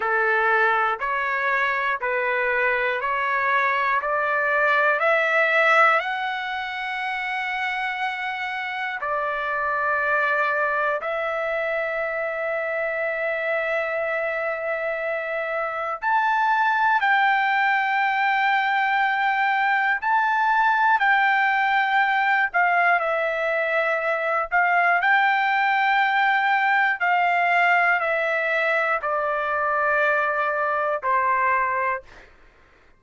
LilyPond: \new Staff \with { instrumentName = "trumpet" } { \time 4/4 \tempo 4 = 60 a'4 cis''4 b'4 cis''4 | d''4 e''4 fis''2~ | fis''4 d''2 e''4~ | e''1 |
a''4 g''2. | a''4 g''4. f''8 e''4~ | e''8 f''8 g''2 f''4 | e''4 d''2 c''4 | }